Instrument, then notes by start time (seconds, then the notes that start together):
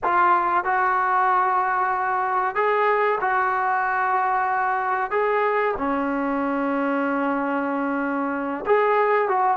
trombone
0.03 F4
0.64 F#4
2.55 G#4
3.20 F#4
5.10 G#4
5.77 C#4
8.65 G#4
9.28 F#4